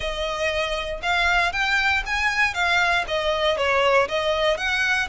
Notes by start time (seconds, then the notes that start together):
0.00 D#5
1.02 F5
1.52 G5
2.06 G#5
2.54 F5
3.07 D#5
3.57 C#5
4.08 D#5
4.57 F#5